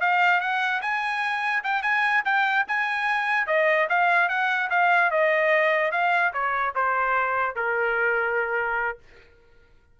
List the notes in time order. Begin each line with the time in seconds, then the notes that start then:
0.00 F5
0.40 F#5
0.81 G#5
1.63 G5
1.82 G#5
2.24 G5
2.67 G#5
3.47 D#5
3.89 F5
4.28 F#5
4.70 F5
5.10 D#5
5.91 F5
6.33 C#5
6.75 C5
7.55 A#4